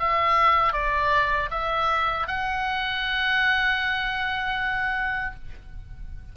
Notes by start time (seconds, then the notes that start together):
0.00 E5
0.73 D5
1.51 E5
2.28 F#5